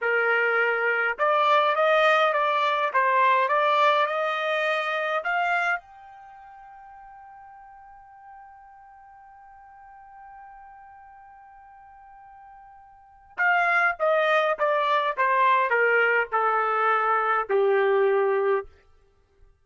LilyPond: \new Staff \with { instrumentName = "trumpet" } { \time 4/4 \tempo 4 = 103 ais'2 d''4 dis''4 | d''4 c''4 d''4 dis''4~ | dis''4 f''4 g''2~ | g''1~ |
g''1~ | g''2. f''4 | dis''4 d''4 c''4 ais'4 | a'2 g'2 | }